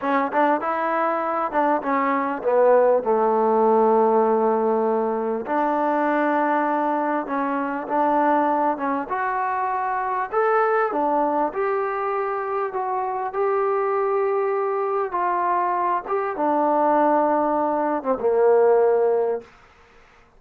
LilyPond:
\new Staff \with { instrumentName = "trombone" } { \time 4/4 \tempo 4 = 99 cis'8 d'8 e'4. d'8 cis'4 | b4 a2.~ | a4 d'2. | cis'4 d'4. cis'8 fis'4~ |
fis'4 a'4 d'4 g'4~ | g'4 fis'4 g'2~ | g'4 f'4. g'8 d'4~ | d'4.~ d'16 c'16 ais2 | }